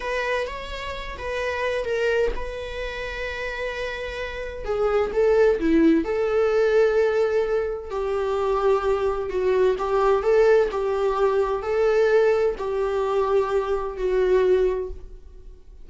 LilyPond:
\new Staff \with { instrumentName = "viola" } { \time 4/4 \tempo 4 = 129 b'4 cis''4. b'4. | ais'4 b'2.~ | b'2 gis'4 a'4 | e'4 a'2.~ |
a'4 g'2. | fis'4 g'4 a'4 g'4~ | g'4 a'2 g'4~ | g'2 fis'2 | }